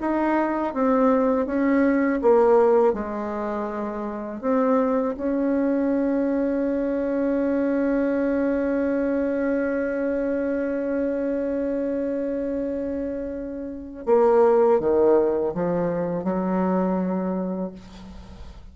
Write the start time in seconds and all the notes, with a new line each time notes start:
0.00 D#4
0.73 C4
1.46 C#4
2.22 A#3
2.93 G#3
4.41 C4
5.16 C#4
14.05 A#3
14.79 D#3
15.54 F3
16.24 F#3